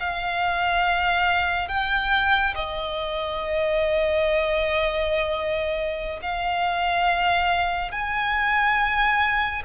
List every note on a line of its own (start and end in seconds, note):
0.00 1.68 F5
1.68 2.54 G5
2.55 6.19 D#5
6.22 7.91 F5
7.91 9.63 G#5